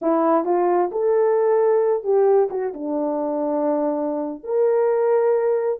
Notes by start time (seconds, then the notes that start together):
0.01 E4
0.44 F4
0.91 A4
2.03 G4
2.50 F#4
2.73 D4
4.43 A#4